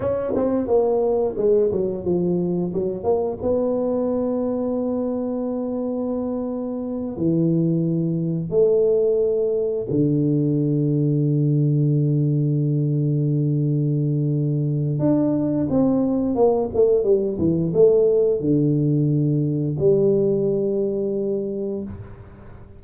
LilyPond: \new Staff \with { instrumentName = "tuba" } { \time 4/4 \tempo 4 = 88 cis'8 c'8 ais4 gis8 fis8 f4 | fis8 ais8 b2.~ | b2~ b8 e4.~ | e8 a2 d4.~ |
d1~ | d2 d'4 c'4 | ais8 a8 g8 e8 a4 d4~ | d4 g2. | }